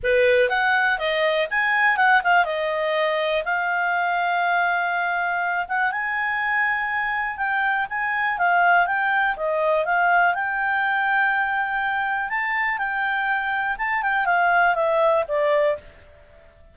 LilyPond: \new Staff \with { instrumentName = "clarinet" } { \time 4/4 \tempo 4 = 122 b'4 fis''4 dis''4 gis''4 | fis''8 f''8 dis''2 f''4~ | f''2.~ f''8 fis''8 | gis''2. g''4 |
gis''4 f''4 g''4 dis''4 | f''4 g''2.~ | g''4 a''4 g''2 | a''8 g''8 f''4 e''4 d''4 | }